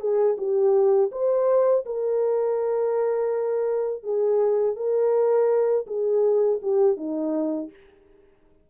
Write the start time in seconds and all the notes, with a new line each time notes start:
0.00 G#4
0.38 G4
1.12 C5
1.86 A#4
4.03 G#4
4.76 A#4
5.87 G#4
6.62 G4
6.97 D#4